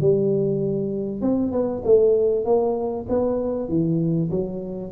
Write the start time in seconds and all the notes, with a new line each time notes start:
0.00 G3
1.21 C4
1.51 B3
1.85 A3
2.45 A#3
3.08 B3
3.68 E3
4.30 F#3